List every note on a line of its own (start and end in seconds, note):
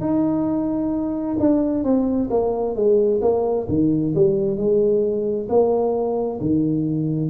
0.00 1.36 D#4
1.39 1.83 D4
1.83 2.29 C4
2.30 2.75 A#3
2.75 3.21 G#3
3.21 3.67 A#3
3.68 4.14 D#3
4.14 4.57 G3
4.57 5.48 G#3
5.48 6.39 A#3
6.40 7.30 D#3